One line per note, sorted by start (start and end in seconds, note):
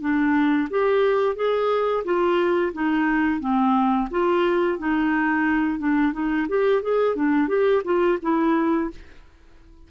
0.00 0.68 D4
0.70 1.35 G4
1.35 2.04 G#4
2.04 2.72 F4
2.73 3.40 D#4
3.40 4.08 C4
4.11 4.78 F4
4.78 5.79 D#4
5.79 6.13 D4
6.13 6.47 D#4
6.48 6.82 G4
6.82 7.16 G#4
7.16 7.48 D4
7.48 7.82 G4
7.84 8.18 F4
8.22 8.90 E4